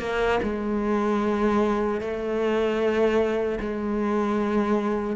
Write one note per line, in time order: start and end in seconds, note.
0.00 0.39 A#3
0.43 2.01 G#3
2.01 3.59 A3
3.60 5.16 G#3